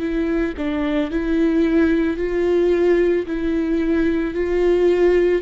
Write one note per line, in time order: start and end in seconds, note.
0.00 0.55 E4
0.58 1.11 D4
1.11 2.17 E4
2.17 3.26 F4
3.27 4.35 E4
4.35 5.42 F4